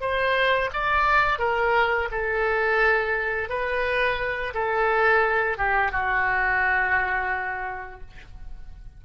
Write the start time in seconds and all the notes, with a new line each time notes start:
0.00 C5
0.73 D5
1.39 A#4
2.11 A4
3.49 B4
4.53 A4
5.58 G4
5.91 F#4